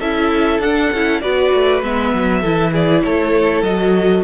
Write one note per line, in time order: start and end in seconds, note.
0.00 0.59 C#4
0.00 0.62 E4
0.00 1.22 A4
0.00 0.61 E5
0.59 0.90 D4
0.59 0.95 D4
0.59 1.21 F#5
0.92 1.22 C#4
0.92 1.22 E4
1.21 1.54 B3
1.21 1.83 F#4
1.21 2.41 B4
1.21 1.82 D5
1.54 1.83 A3
1.83 2.13 G#3
1.83 2.44 B3
1.83 2.73 E5
2.14 2.44 F#3
2.41 3.05 E3
2.41 3.66 E4
2.41 2.71 A4
2.72 3.03 G#4
2.72 3.04 D5
3.04 3.63 A3
3.04 4.24 A4
3.04 3.63 C#5
3.63 4.23 F#3
3.63 4.24 F#4
3.63 4.24 D#5